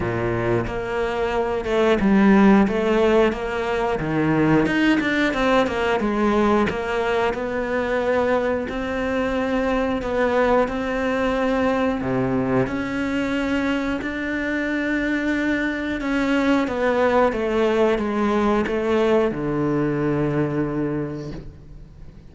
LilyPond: \new Staff \with { instrumentName = "cello" } { \time 4/4 \tempo 4 = 90 ais,4 ais4. a8 g4 | a4 ais4 dis4 dis'8 d'8 | c'8 ais8 gis4 ais4 b4~ | b4 c'2 b4 |
c'2 c4 cis'4~ | cis'4 d'2. | cis'4 b4 a4 gis4 | a4 d2. | }